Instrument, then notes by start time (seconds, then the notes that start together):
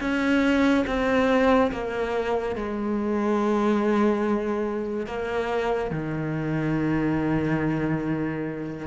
cello
0.00 C#4
0.87 C4
1.71 A#3
2.55 G#3
5.06 A#3
5.91 D#3